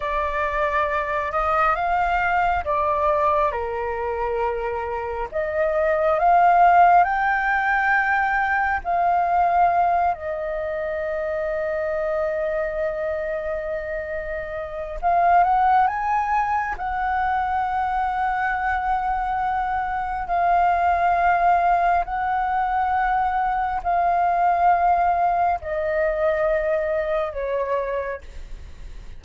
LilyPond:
\new Staff \with { instrumentName = "flute" } { \time 4/4 \tempo 4 = 68 d''4. dis''8 f''4 d''4 | ais'2 dis''4 f''4 | g''2 f''4. dis''8~ | dis''1~ |
dis''4 f''8 fis''8 gis''4 fis''4~ | fis''2. f''4~ | f''4 fis''2 f''4~ | f''4 dis''2 cis''4 | }